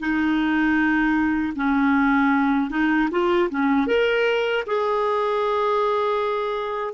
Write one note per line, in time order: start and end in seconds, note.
0.00 1.54 D#4
1.56 2.71 C#4
2.71 3.09 D#4
3.11 3.50 F4
3.50 3.87 C#4
3.87 4.64 A#4
4.67 6.94 G#4